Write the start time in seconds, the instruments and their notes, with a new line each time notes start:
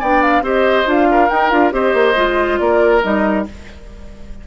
0.00 bassoon B3, clarinet D4, oboe D5, flute G5
0.22 flute F5
0.41 bassoon C4, clarinet G4, oboe C5, flute D#5
0.86 bassoon D4, clarinet F4, flute F5
1.11 oboe A#4
1.30 clarinet D#4, bassoon D#4, flute G5
1.50 bassoon D4, clarinet F4, flute F5
1.72 bassoon C4, clarinet G4, oboe C5, flute D#5
1.93 bassoon A#3
2.16 bassoon G#3, clarinet F4
2.58 bassoon A#3, oboe A#4, flute D5
3.02 bassoon G3, clarinet D#4, flute D#5